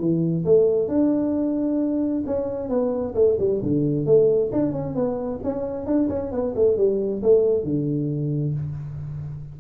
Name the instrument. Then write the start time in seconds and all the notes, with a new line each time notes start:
tuba
0.00 E3
0.45 A3
0.89 D4
2.26 C#4
2.69 B3
3.15 A3
3.39 G3
3.63 D3
4.06 A3
4.53 D4
4.73 C#4
4.95 B3
5.44 C#4
5.86 D4
6.09 C#4
6.32 B3
6.56 A3
6.77 G3
7.23 A3
7.64 D3